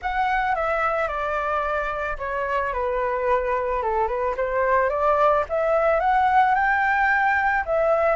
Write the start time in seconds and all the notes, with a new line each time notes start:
0.01 F#5
0.55 E5
1.08 D5
2.18 C#5
2.73 B4
3.82 A4
4.07 B4
4.36 C5
4.89 D5
5.49 E5
6.00 F#5
6.55 G5
7.65 E5